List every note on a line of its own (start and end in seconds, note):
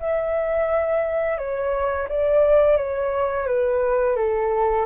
0.00 1.38 E5
1.38 2.08 C#5
2.09 2.77 D5
2.77 3.47 C#5
3.47 4.17 B4
4.17 4.86 A4